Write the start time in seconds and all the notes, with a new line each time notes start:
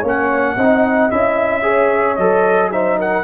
0.00 A#3 C#4 C#5
0.08 F#5
0.57 C4 D#4 D#5
1.10 C#4 E4 E5
1.62 G#4 C#5
2.16 F#3 A4 D#5
2.72 D#4 C5 E5
2.99 A#4 F#5